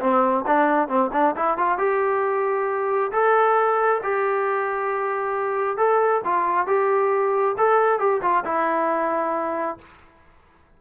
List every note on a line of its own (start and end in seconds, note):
0.00 0.44 C4
0.46 0.88 D4
0.88 1.10 C4
1.13 1.35 D4
1.36 1.57 E4
1.57 1.78 F4
1.78 3.11 G4
3.12 4.01 A4
4.03 5.77 G4
5.77 6.21 A4
6.24 6.66 F4
6.66 7.55 G4
7.57 7.99 A4
7.99 8.21 G4
8.21 8.43 F4
8.44 9.78 E4